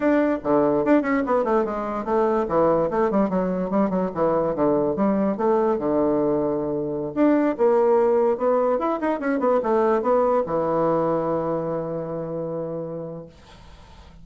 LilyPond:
\new Staff \with { instrumentName = "bassoon" } { \time 4/4 \tempo 4 = 145 d'4 d4 d'8 cis'8 b8 a8 | gis4 a4 e4 a8 g8 | fis4 g8 fis8 e4 d4 | g4 a4 d2~ |
d4~ d16 d'4 ais4.~ ais16~ | ais16 b4 e'8 dis'8 cis'8 b8 a8.~ | a16 b4 e2~ e8.~ | e1 | }